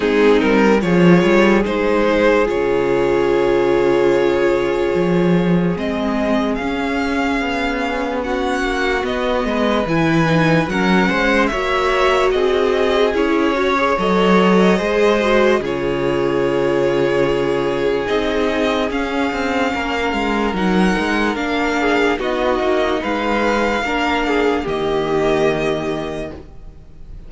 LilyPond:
<<
  \new Staff \with { instrumentName = "violin" } { \time 4/4 \tempo 4 = 73 gis'8 ais'8 cis''4 c''4 cis''4~ | cis''2. dis''4 | f''2 fis''4 dis''4 | gis''4 fis''4 e''4 dis''4 |
cis''4 dis''2 cis''4~ | cis''2 dis''4 f''4~ | f''4 fis''4 f''4 dis''4 | f''2 dis''2 | }
  \new Staff \with { instrumentName = "violin" } { \time 4/4 dis'4 gis'2.~ | gis'1~ | gis'2 fis'4. b'8~ | b'4 ais'8 c''8 cis''4 gis'4~ |
gis'8 cis''4. c''4 gis'4~ | gis'1 | ais'2~ ais'8 gis'8 fis'4 | b'4 ais'8 gis'8 g'2 | }
  \new Staff \with { instrumentName = "viola" } { \time 4/4 c'4 f'4 dis'4 f'4~ | f'2. c'4 | cis'2. b4 | e'8 dis'8 cis'4 fis'2 |
e'8 fis'16 gis'16 a'4 gis'8 fis'8 f'4~ | f'2 dis'4 cis'4~ | cis'4 dis'4 d'4 dis'4~ | dis'4 d'4 ais2 | }
  \new Staff \with { instrumentName = "cello" } { \time 4/4 gis8 g8 f8 g8 gis4 cis4~ | cis2 f4 gis4 | cis'4 b4. ais8 b8 gis8 | e4 fis8 gis8 ais4 c'4 |
cis'4 fis4 gis4 cis4~ | cis2 c'4 cis'8 c'8 | ais8 gis8 fis8 gis8 ais4 b8 ais8 | gis4 ais4 dis2 | }
>>